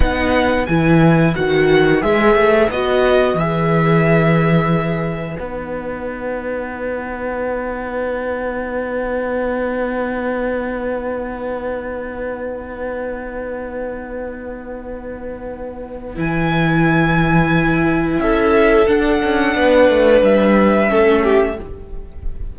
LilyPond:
<<
  \new Staff \with { instrumentName = "violin" } { \time 4/4 \tempo 4 = 89 fis''4 gis''4 fis''4 e''4 | dis''4 e''2. | fis''1~ | fis''1~ |
fis''1~ | fis''1 | gis''2. e''4 | fis''2 e''2 | }
  \new Staff \with { instrumentName = "violin" } { \time 4/4 b'1~ | b'1~ | b'1~ | b'1~ |
b'1~ | b'1~ | b'2. a'4~ | a'4 b'2 a'8 g'8 | }
  \new Staff \with { instrumentName = "viola" } { \time 4/4 dis'4 e'4 fis'4 gis'4 | fis'4 gis'2. | dis'1~ | dis'1~ |
dis'1~ | dis'1 | e'1 | d'2. cis'4 | }
  \new Staff \with { instrumentName = "cello" } { \time 4/4 b4 e4 dis4 gis8 a8 | b4 e2. | b1~ | b1~ |
b1~ | b1 | e2. cis'4 | d'8 cis'8 b8 a8 g4 a4 | }
>>